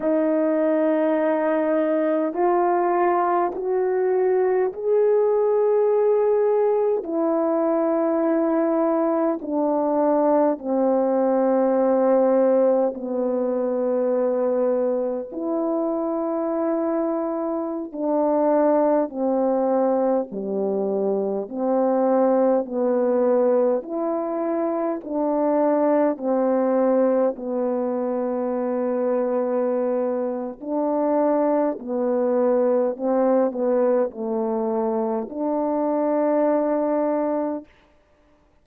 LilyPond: \new Staff \with { instrumentName = "horn" } { \time 4/4 \tempo 4 = 51 dis'2 f'4 fis'4 | gis'2 e'2 | d'4 c'2 b4~ | b4 e'2~ e'16 d'8.~ |
d'16 c'4 g4 c'4 b8.~ | b16 e'4 d'4 c'4 b8.~ | b2 d'4 b4 | c'8 b8 a4 d'2 | }